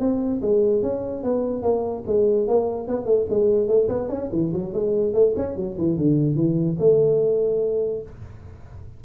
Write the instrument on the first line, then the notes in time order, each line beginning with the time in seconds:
tuba
0.00 C4
0.42 G#3
0.83 C#4
1.24 B3
1.63 A#3
2.07 G#3
2.48 A#3
2.88 B3
3.06 A3
3.30 G#3
3.68 A3
3.89 B3
4.09 C#4
4.33 E3
4.54 F#3
4.74 G#3
5.14 A3
5.37 C#4
5.56 F#3
5.78 E3
5.98 D3
6.36 E3
6.80 A3